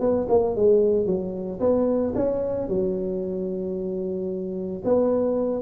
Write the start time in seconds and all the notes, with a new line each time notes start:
0.00 B3
0.29 A#3
0.56 G#3
1.06 F#3
1.60 B3
2.15 C#4
2.68 F#3
4.84 B3